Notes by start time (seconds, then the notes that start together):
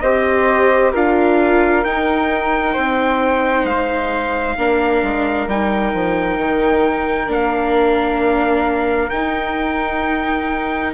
0.00 C4 G4 C5 D#5
0.92 D4 F4 A#4 F5
1.84 D#4 G5
2.73 C4 C5
3.65 G#3 F5
4.57 A#3 D4 A#4
5.03 G#3
5.47 G3 D#4 G5
5.94 F3
6.37 D#3
7.27 A#3 D4 F5
9.10 D#4 G5